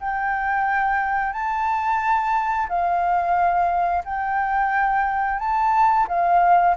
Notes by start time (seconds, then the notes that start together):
0.00 G5
1.33 A5
2.69 F5
4.05 G5
5.39 A5
6.08 F5